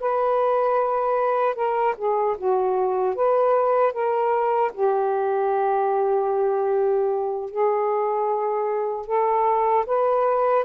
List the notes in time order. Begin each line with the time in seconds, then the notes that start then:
0.00 B4
1.55 A#4
1.97 G#4
2.38 F#4
3.15 B4
3.93 A#4
4.74 G4
7.50 G#4
9.06 A4
9.86 B4